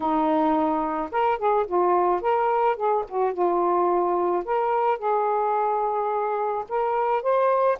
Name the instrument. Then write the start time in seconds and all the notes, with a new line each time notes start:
saxophone
0.00 D#4
1.11 A#4
1.38 G#4
1.66 F4
2.21 A#4
2.76 G#4
3.08 F#4
3.33 F4
4.44 A#4
4.98 G#4
6.68 A#4
7.22 C5